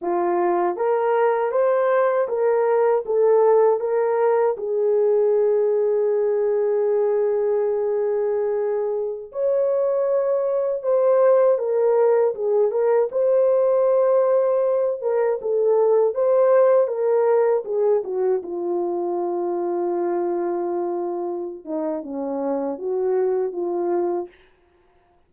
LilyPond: \new Staff \with { instrumentName = "horn" } { \time 4/4 \tempo 4 = 79 f'4 ais'4 c''4 ais'4 | a'4 ais'4 gis'2~ | gis'1~ | gis'16 cis''2 c''4 ais'8.~ |
ais'16 gis'8 ais'8 c''2~ c''8 ais'16~ | ais'16 a'4 c''4 ais'4 gis'8 fis'16~ | fis'16 f'2.~ f'8.~ | f'8 dis'8 cis'4 fis'4 f'4 | }